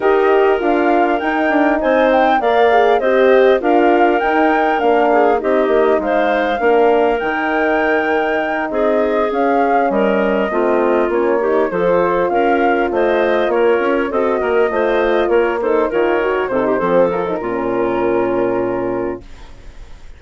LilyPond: <<
  \new Staff \with { instrumentName = "flute" } { \time 4/4 \tempo 4 = 100 dis''4 f''4 g''4 gis''8 g''8 | f''4 dis''4 f''4 g''4 | f''4 dis''4 f''2 | g''2~ g''8 dis''4 f''8~ |
f''8 dis''2 cis''4 c''8~ | c''8 f''4 dis''4 cis''4 dis''8~ | dis''4. cis''8 c''8 cis''4 c''8~ | c''8 ais'2.~ ais'8 | }
  \new Staff \with { instrumentName = "clarinet" } { \time 4/4 ais'2. c''4 | d''4 c''4 ais'2~ | ais'8 gis'8 g'4 c''4 ais'4~ | ais'2~ ais'8 gis'4.~ |
gis'8 ais'4 f'4. g'8 a'8~ | a'8 ais'4 c''4 ais'4 a'8 | ais'8 c''4 ais'8 a'8 ais'4 a'16 g'16 | a'4 f'2. | }
  \new Staff \with { instrumentName = "horn" } { \time 4/4 g'4 f'4 dis'2 | ais'8 gis'8 g'4 f'4 dis'4 | d'4 dis'2 d'4 | dis'2.~ dis'8 cis'8~ |
cis'4. c'4 cis'8 dis'8 f'8~ | f'2.~ f'8 fis'8~ | fis'8 f'4. dis'8 f'8 fis'8 dis'8 | c'8 f'16 dis'16 cis'2. | }
  \new Staff \with { instrumentName = "bassoon" } { \time 4/4 dis'4 d'4 dis'8 d'8 c'4 | ais4 c'4 d'4 dis'4 | ais4 c'8 ais8 gis4 ais4 | dis2~ dis8 c'4 cis'8~ |
cis'8 g4 a4 ais4 f8~ | f8 cis'4 a4 ais8 cis'8 c'8 | ais8 a4 ais4 dis4 c8 | f4 ais,2. | }
>>